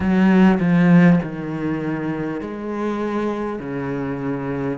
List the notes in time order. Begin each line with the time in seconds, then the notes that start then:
0.00 F#3
0.59 F3
1.22 D#3
2.40 G#3
3.59 C#3